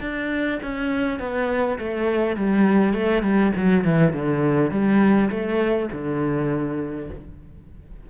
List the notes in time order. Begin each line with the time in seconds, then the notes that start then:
0.00 D4
0.62 C#4
1.19 B3
1.78 A3
2.36 G3
2.93 A3
3.22 G3
3.56 F#3
3.84 E3
4.13 D3
4.71 G3
5.30 A3
5.92 D3